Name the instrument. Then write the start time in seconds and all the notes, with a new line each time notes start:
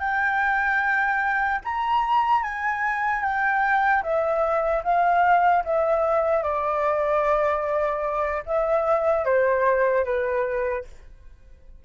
flute
0.00 G5
1.65 A#5
2.43 G#5
3.23 G5
4.03 E5
4.84 F5
5.65 E5
6.43 D5
8.46 E5
9.25 C5
10.05 B4